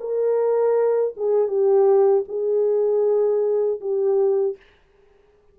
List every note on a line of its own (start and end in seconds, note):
0.00 1.14 A#4
1.16 1.48 G#4
1.48 2.24 G4
2.28 3.80 G#4
3.81 4.57 G4